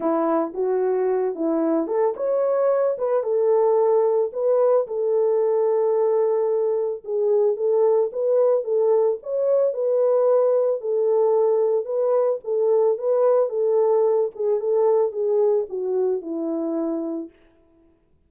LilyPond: \new Staff \with { instrumentName = "horn" } { \time 4/4 \tempo 4 = 111 e'4 fis'4. e'4 a'8 | cis''4. b'8 a'2 | b'4 a'2.~ | a'4 gis'4 a'4 b'4 |
a'4 cis''4 b'2 | a'2 b'4 a'4 | b'4 a'4. gis'8 a'4 | gis'4 fis'4 e'2 | }